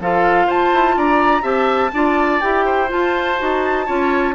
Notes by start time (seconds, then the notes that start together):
0.00 F3 F4 A4 F5
0.46 F4 C5 A5
0.74 E4
0.97 D4 D5 A#5
1.42 C4 G4 E5 A5
1.93 D4 F4 D5
2.40 E4 G4 G5
2.65 C5
2.87 F4 A5
3.39 D#4 F#4
3.86 C#4 F4 C#5